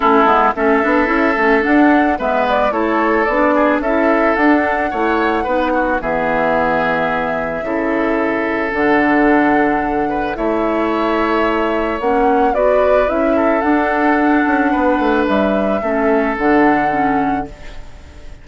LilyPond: <<
  \new Staff \with { instrumentName = "flute" } { \time 4/4 \tempo 4 = 110 a'4 e''2 fis''4 | e''8 d''8 cis''4 d''4 e''4 | fis''2. e''4~ | e''1 |
fis''2. e''4~ | e''2 fis''4 d''4 | e''4 fis''2. | e''2 fis''2 | }
  \new Staff \with { instrumentName = "oboe" } { \time 4/4 e'4 a'2. | b'4 a'4. gis'8 a'4~ | a'4 cis''4 b'8 fis'8 gis'4~ | gis'2 a'2~ |
a'2~ a'8 b'8 cis''4~ | cis''2. b'4~ | b'8 a'2~ a'8 b'4~ | b'4 a'2. | }
  \new Staff \with { instrumentName = "clarinet" } { \time 4/4 cis'8 b8 cis'8 d'8 e'8 cis'8 d'4 | b4 e'4 d'4 e'4 | d'4 e'4 dis'4 b4~ | b2 e'2 |
d'2. e'4~ | e'2 cis'4 fis'4 | e'4 d'2.~ | d'4 cis'4 d'4 cis'4 | }
  \new Staff \with { instrumentName = "bassoon" } { \time 4/4 a8 gis8 a8 b8 cis'8 a8 d'4 | gis4 a4 b4 cis'4 | d'4 a4 b4 e4~ | e2 cis2 |
d2. a4~ | a2 ais4 b4 | cis'4 d'4. cis'8 b8 a8 | g4 a4 d2 | }
>>